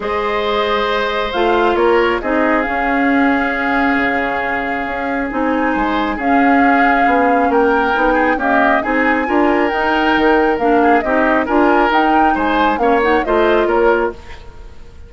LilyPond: <<
  \new Staff \with { instrumentName = "flute" } { \time 4/4 \tempo 4 = 136 dis''2. f''4 | cis''4 dis''4 f''2~ | f''1 | gis''2 f''2~ |
f''4 g''2 dis''4 | gis''2 g''2 | f''4 dis''4 gis''4 g''4 | gis''4 f''8 fis''8 dis''4 cis''4 | }
  \new Staff \with { instrumentName = "oboe" } { \time 4/4 c''1 | ais'4 gis'2.~ | gis'1~ | gis'4 c''4 gis'2~ |
gis'4 ais'4. gis'8 g'4 | gis'4 ais'2.~ | ais'8 gis'8 g'4 ais'2 | c''4 cis''4 c''4 ais'4 | }
  \new Staff \with { instrumentName = "clarinet" } { \time 4/4 gis'2. f'4~ | f'4 dis'4 cis'2~ | cis'1 | dis'2 cis'2~ |
cis'2 dis'4 ais4 | dis'4 f'4 dis'2 | d'4 dis'4 f'4 dis'4~ | dis'4 cis'8 dis'8 f'2 | }
  \new Staff \with { instrumentName = "bassoon" } { \time 4/4 gis2. a4 | ais4 c'4 cis'2~ | cis'4 cis2 cis'4 | c'4 gis4 cis'2 |
b4 ais4 b4 cis'4 | c'4 d'4 dis'4 dis4 | ais4 c'4 d'4 dis'4 | gis4 ais4 a4 ais4 | }
>>